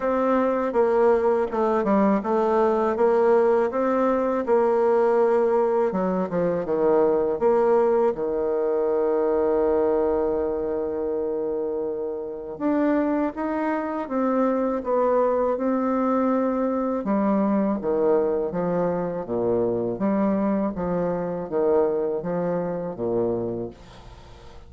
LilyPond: \new Staff \with { instrumentName = "bassoon" } { \time 4/4 \tempo 4 = 81 c'4 ais4 a8 g8 a4 | ais4 c'4 ais2 | fis8 f8 dis4 ais4 dis4~ | dis1~ |
dis4 d'4 dis'4 c'4 | b4 c'2 g4 | dis4 f4 ais,4 g4 | f4 dis4 f4 ais,4 | }